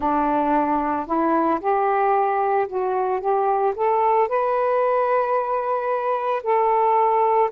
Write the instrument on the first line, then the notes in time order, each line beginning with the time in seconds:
saxophone
0.00 D4
1.06 E4
1.60 G4
2.68 F#4
3.20 G4
3.75 A4
4.28 B4
6.43 A4